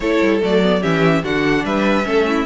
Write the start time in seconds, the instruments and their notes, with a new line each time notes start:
0.00 cello A3, viola E4, violin A4 C#5
0.21 cello G3
0.41 cello F#3, viola A3, violin D5
0.62 viola B3
0.81 cello E3, viola C#4, violin G4 E5
1.23 cello D3, viola D4, violin F#4 F#5
1.64 cello G3, violin B4 E5
2.04 cello A3, viola C#4, violin A4
2.27 violin E4